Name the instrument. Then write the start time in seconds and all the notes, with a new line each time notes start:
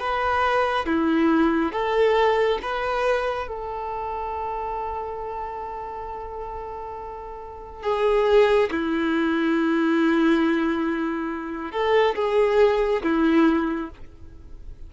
violin
0.00 B4
0.87 E4
1.72 A4
2.62 B4
3.48 A4
7.83 G#4
8.72 E4
11.72 A4
12.15 G#4
13.03 E4